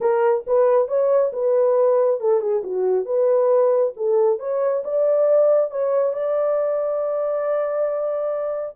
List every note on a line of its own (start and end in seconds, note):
0.00 0.44 A#4
0.46 0.88 B4
0.88 1.31 C#5
1.33 2.20 B4
2.20 2.40 A4
2.40 2.62 G#4
2.63 3.05 F#4
3.05 3.92 B4
3.96 4.39 A4
4.39 4.83 C#5
4.84 5.70 D5
5.70 6.13 C#5
6.13 8.76 D5